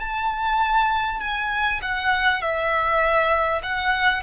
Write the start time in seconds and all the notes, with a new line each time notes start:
0.00 A5
1.20 G#5
1.82 F#5
2.41 E5
3.63 F#5